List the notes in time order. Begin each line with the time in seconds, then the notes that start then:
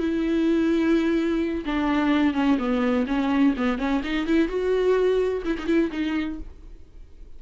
0.00 E4
1.66 D4
2.35 C#4
2.59 B3
3.07 C#4
3.57 B3
3.79 C#4
4.04 D#4
4.27 E4
4.49 F#4
5.46 E4
5.59 D#4
5.67 E4
5.92 D#4